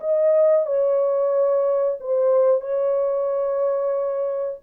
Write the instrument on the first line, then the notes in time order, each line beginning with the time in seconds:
horn
0.00 D#5
0.66 C#5
2.00 C5
2.61 C#5